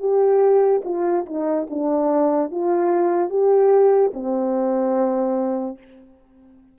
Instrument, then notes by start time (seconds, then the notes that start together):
horn
0.00 G4
0.85 F4
1.27 D#4
1.70 D4
2.52 F4
3.30 G4
4.14 C4